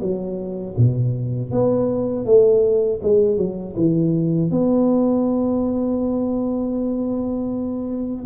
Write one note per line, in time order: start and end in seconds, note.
0.00 0.75 F#3
0.77 1.51 B2
1.51 2.25 B3
2.25 3.00 A3
3.02 3.37 G#3
3.37 3.74 F#3
3.76 4.50 E3
4.50 8.25 B3